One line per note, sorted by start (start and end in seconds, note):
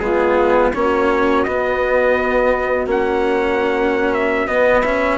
0.00 0.72 G#3
0.00 0.73 B3
0.00 0.73 F4
0.00 0.71 G#4
0.73 1.47 A#3
0.73 1.47 C#4
0.73 5.19 F#4
0.73 1.44 C#5
1.44 2.87 B3
1.44 2.87 D#5
2.87 4.48 A#3
2.87 4.48 C#4
2.87 4.14 F#5
4.14 4.48 E5
4.48 4.83 B3
4.48 5.19 B3
4.48 4.82 D#5
4.82 5.19 C#4
4.82 5.18 E5